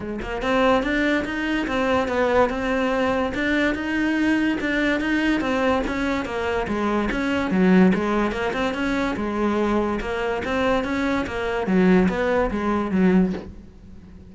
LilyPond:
\new Staff \with { instrumentName = "cello" } { \time 4/4 \tempo 4 = 144 gis8 ais8 c'4 d'4 dis'4 | c'4 b4 c'2 | d'4 dis'2 d'4 | dis'4 c'4 cis'4 ais4 |
gis4 cis'4 fis4 gis4 | ais8 c'8 cis'4 gis2 | ais4 c'4 cis'4 ais4 | fis4 b4 gis4 fis4 | }